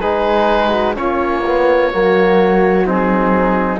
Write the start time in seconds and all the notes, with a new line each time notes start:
0.00 G#3 D#4 G#4 B4
0.69 F#4
0.95 A#3 C#4 F4 C#5
1.46 B3
1.92 F#3 A#3 F#4
2.84 C4 D#4 G#4